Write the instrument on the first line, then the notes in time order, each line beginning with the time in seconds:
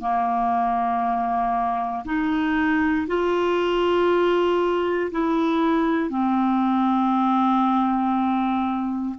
clarinet
0.00 A#3
2.05 D#4
3.07 F4
5.11 E4
6.09 C4